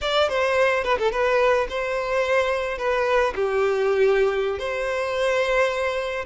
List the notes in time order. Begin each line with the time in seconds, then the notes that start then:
0.01 D5
0.28 C5
0.84 B4
0.98 A4
1.11 B4
1.69 C5
2.78 B4
3.35 G4
4.58 C5